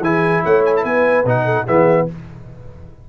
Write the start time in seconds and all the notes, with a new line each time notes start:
0.00 E3 E4 G#4 G#5
0.43 A3 C#5 F#5
0.65 G#5
0.76 B4 A5
0.84 B3 G#5
1.24 B2 D#4 F#5
1.44 A4
1.65 E3 B3 G#4 E5